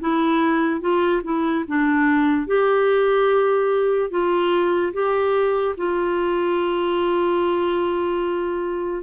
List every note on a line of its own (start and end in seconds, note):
0.00 0.81 E4
0.81 1.22 F4
1.23 1.64 E4
1.67 2.46 D4
2.46 4.10 G4
4.10 4.92 F4
4.93 5.75 G4
5.77 9.03 F4